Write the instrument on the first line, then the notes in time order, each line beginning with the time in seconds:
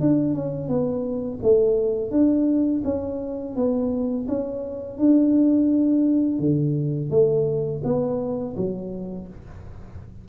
tuba
0.00 D4
0.34 C#4
0.68 B3
1.43 A3
2.11 D4
2.84 C#4
3.56 B3
4.28 C#4
4.98 D4
6.39 D3
7.10 A3
7.84 B3
8.56 F#3